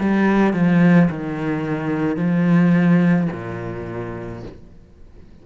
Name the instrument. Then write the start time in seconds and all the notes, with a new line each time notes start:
cello
0.00 G3
0.54 F3
1.11 D#3
2.17 F3
3.32 A#2